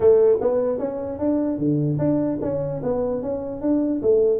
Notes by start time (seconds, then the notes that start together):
0.00 A3
0.40 B3
0.78 C#4
1.18 D4
1.57 D3
1.98 D4
2.41 C#4
2.82 B3
3.22 C#4
3.61 D4
4.02 A3